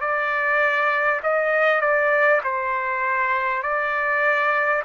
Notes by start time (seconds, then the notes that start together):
0.00 D5
1.23 D#5
1.81 D5
2.44 C5
3.62 D5